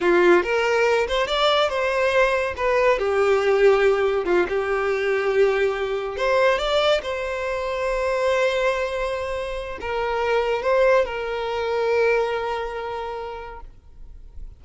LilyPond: \new Staff \with { instrumentName = "violin" } { \time 4/4 \tempo 4 = 141 f'4 ais'4. c''8 d''4 | c''2 b'4 g'4~ | g'2 f'8 g'4.~ | g'2~ g'8 c''4 d''8~ |
d''8 c''2.~ c''8~ | c''2. ais'4~ | ais'4 c''4 ais'2~ | ais'1 | }